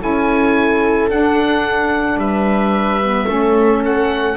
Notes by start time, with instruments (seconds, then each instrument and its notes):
0.00 double bass C#4, saxophone E4, viola A4, oboe G#5
1.09 double bass D4, saxophone D4, oboe F#5
2.16 double bass G3, viola B4, oboe E5
3.03 saxophone B3
3.27 double bass A3, saxophone C#4, viola A4
3.85 oboe F#5